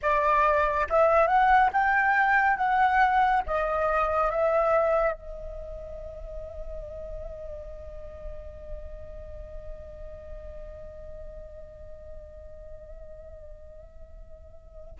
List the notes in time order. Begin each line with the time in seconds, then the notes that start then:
0.02 D5
0.89 E5
1.27 F#5
1.73 G5
2.56 F#5
3.46 D#5
4.31 E5
5.12 D#5